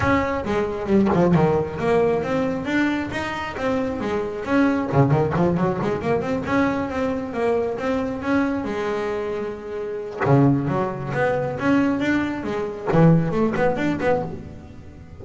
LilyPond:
\new Staff \with { instrumentName = "double bass" } { \time 4/4 \tempo 4 = 135 cis'4 gis4 g8 f8 dis4 | ais4 c'4 d'4 dis'4 | c'4 gis4 cis'4 cis8 dis8 | f8 fis8 gis8 ais8 c'8 cis'4 c'8~ |
c'8 ais4 c'4 cis'4 gis8~ | gis2. cis4 | fis4 b4 cis'4 d'4 | gis4 e4 a8 b8 d'8 b8 | }